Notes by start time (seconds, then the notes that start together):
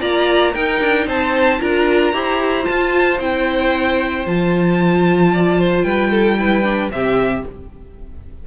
0.00 A#3 F4 D5 A#5
0.52 D#4 A#4 G5
0.80 D4
1.07 C4 C5 A5
1.60 D4 F4 A#4 A#5
2.12 E4 G4 C5
2.62 F4 A5
2.69 F4
3.19 C4 E4 G5
4.26 F3 F4 A5
5.33 D5
5.59 C5
5.82 G3 B4 G5
6.11 A4
6.39 E4 B4
6.63 D4
6.90 C3 C4 G4 E5